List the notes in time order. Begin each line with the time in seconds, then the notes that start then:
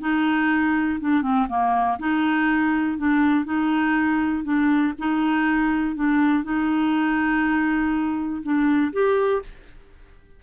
0.00 D#4
1.00 D4
1.22 C4
1.49 A#3
1.99 D#4
2.97 D4
3.45 D#4
4.43 D4
4.98 D#4
5.95 D4
6.43 D#4
8.43 D4
8.93 G4